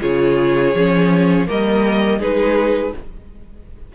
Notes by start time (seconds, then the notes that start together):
0.00 C#3 F4 G#4 C#5
0.74 F3 C#4
1.46 G3 A#3 A#4 D#5
2.18 G#3 D#4 G#4 B4